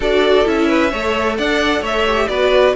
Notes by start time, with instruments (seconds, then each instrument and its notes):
0.00 cello D4, viola F#4, violin A4 D5
0.44 cello C#4, viola E4, violin E5
0.68 violin B4
0.90 cello A3, viola A4, violin C#5
1.37 cello D4, violin D5 F#5
1.80 cello A3, violin C#5 E5
2.07 viola G4
2.28 cello B3, viola F#4, violin B4 D5